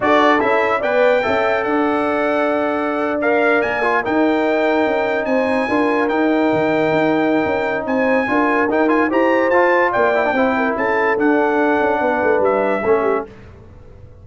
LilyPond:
<<
  \new Staff \with { instrumentName = "trumpet" } { \time 4/4 \tempo 4 = 145 d''4 e''4 g''2 | fis''2.~ fis''8. f''16~ | f''8. gis''4 g''2~ g''16~ | g''8. gis''2 g''4~ g''16~ |
g''2. gis''4~ | gis''4 g''8 gis''8 ais''4 a''4 | g''2 a''4 fis''4~ | fis''2 e''2 | }
  \new Staff \with { instrumentName = "horn" } { \time 4/4 a'2 d''4 e''4 | d''1~ | d''4.~ d''16 ais'2~ ais'16~ | ais'8. c''4 ais'2~ ais'16~ |
ais'2. c''4 | ais'2 c''2 | d''4 c''8 ais'8 a'2~ | a'4 b'2 a'8 g'8 | }
  \new Staff \with { instrumentName = "trombone" } { \time 4/4 fis'4 e'4 b'4 a'4~ | a'2.~ a'8. ais'16~ | ais'4~ ais'16 f'8 dis'2~ dis'16~ | dis'4.~ dis'16 f'4 dis'4~ dis'16~ |
dis'1 | f'4 dis'8 f'8 g'4 f'4~ | f'8 e'16 d'16 e'2 d'4~ | d'2. cis'4 | }
  \new Staff \with { instrumentName = "tuba" } { \time 4/4 d'4 cis'4 b4 cis'4 | d'1~ | d'8. ais4 dis'2 cis'16~ | cis'8. c'4 d'4 dis'4 dis16~ |
dis8. dis'4~ dis'16 cis'4 c'4 | d'4 dis'4 e'4 f'4 | ais4 c'4 cis'4 d'4~ | d'8 cis'8 b8 a8 g4 a4 | }
>>